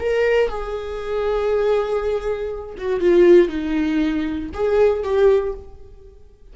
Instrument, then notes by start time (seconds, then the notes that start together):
viola
0.00 A#4
0.50 G#4
2.78 F#4
3.01 F4
3.49 D#4
4.54 G#4
5.04 G4